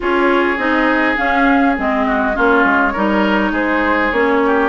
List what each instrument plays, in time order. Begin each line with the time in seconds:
0.00 bassoon C#4, clarinet F4, oboe G#4, flute C#5
0.57 bassoon C4, clarinet D#4, flute D#5
1.16 clarinet C#4, bassoon C#4, flute F5
1.76 bassoon G#3, clarinet C4, flute D#5
2.06 oboe F#4
2.34 bassoon A#3, clarinet C#4, oboe F4
2.40 flute C#5
2.64 bassoon G#3
2.92 bassoon G3, clarinet D#4, oboe A#4
3.51 bassoon G#3, oboe G#4, flute C5
4.11 bassoon A#3, clarinet C#4, flute C#5
4.45 oboe G4